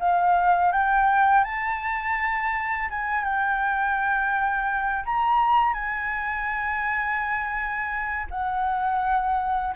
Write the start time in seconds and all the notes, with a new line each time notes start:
0.00 F5
0.72 G5
1.44 A5
2.90 G#5
3.24 G5
5.06 A#5
5.74 G#5
8.30 F#5